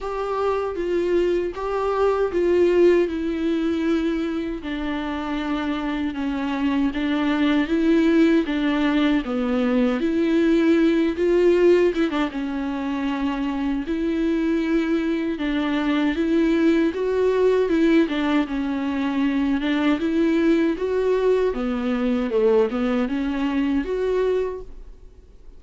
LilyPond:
\new Staff \with { instrumentName = "viola" } { \time 4/4 \tempo 4 = 78 g'4 f'4 g'4 f'4 | e'2 d'2 | cis'4 d'4 e'4 d'4 | b4 e'4. f'4 e'16 d'16 |
cis'2 e'2 | d'4 e'4 fis'4 e'8 d'8 | cis'4. d'8 e'4 fis'4 | b4 a8 b8 cis'4 fis'4 | }